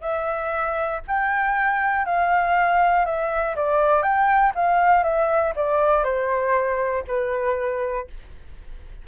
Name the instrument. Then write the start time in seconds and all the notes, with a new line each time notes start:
flute
0.00 E5
1.07 G5
2.05 F5
3.05 E5
3.55 D5
4.02 G5
4.55 F5
5.03 E5
5.55 D5
6.03 C5
7.07 B4